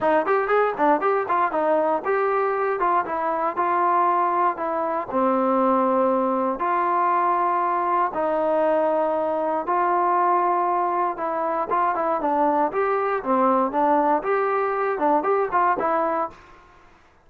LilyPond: \new Staff \with { instrumentName = "trombone" } { \time 4/4 \tempo 4 = 118 dis'8 g'8 gis'8 d'8 g'8 f'8 dis'4 | g'4. f'8 e'4 f'4~ | f'4 e'4 c'2~ | c'4 f'2. |
dis'2. f'4~ | f'2 e'4 f'8 e'8 | d'4 g'4 c'4 d'4 | g'4. d'8 g'8 f'8 e'4 | }